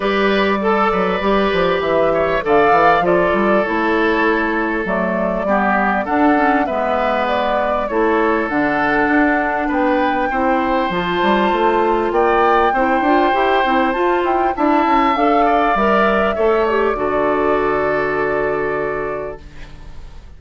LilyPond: <<
  \new Staff \with { instrumentName = "flute" } { \time 4/4 \tempo 4 = 99 d''2. e''4 | f''4 d''4 cis''2 | d''2 fis''4 e''4 | d''4 cis''4 fis''2 |
g''2 a''2 | g''2. a''8 g''8 | a''4 f''4 e''4. d''8~ | d''1 | }
  \new Staff \with { instrumentName = "oboe" } { \time 4/4 b'4 a'8 b'2 cis''8 | d''4 a'2.~ | a'4 g'4 a'4 b'4~ | b'4 a'2. |
b'4 c''2. | d''4 c''2. | e''4. d''4. cis''4 | a'1 | }
  \new Staff \with { instrumentName = "clarinet" } { \time 4/4 g'4 a'4 g'2 | a'4 f'4 e'2 | a4 b4 d'8 cis'8 b4~ | b4 e'4 d'2~ |
d'4 e'4 f'2~ | f'4 e'8 f'8 g'8 e'8 f'4 | e'4 a'4 ais'4 a'8 g'8 | fis'1 | }
  \new Staff \with { instrumentName = "bassoon" } { \time 4/4 g4. fis8 g8 f8 e4 | d8 e8 f8 g8 a2 | fis4 g4 d'4 gis4~ | gis4 a4 d4 d'4 |
b4 c'4 f8 g8 a4 | ais4 c'8 d'8 e'8 c'8 f'8 e'8 | d'8 cis'8 d'4 g4 a4 | d1 | }
>>